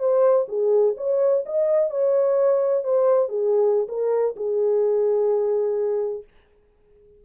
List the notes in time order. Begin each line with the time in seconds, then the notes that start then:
0.00 C5
0.49 G#4
0.98 C#5
1.46 D#5
1.90 C#5
2.84 C5
3.29 G#4
3.89 A#4
4.37 G#4